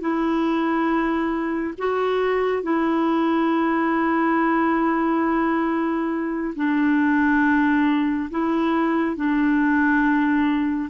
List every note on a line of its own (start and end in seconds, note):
0.00 1.74 E4
1.77 2.62 F#4
2.62 6.53 E4
6.55 8.29 D4
8.30 9.15 E4
9.15 10.89 D4